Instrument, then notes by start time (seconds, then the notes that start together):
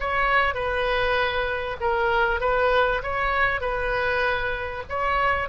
oboe
0.00 C#5
0.55 B4
1.81 A#4
2.41 B4
3.03 C#5
3.61 B4
4.90 C#5